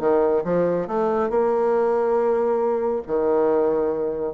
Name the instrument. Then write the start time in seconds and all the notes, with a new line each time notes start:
bassoon
0.00 D#3
0.44 F3
0.88 A3
1.30 A#3
3.07 D#3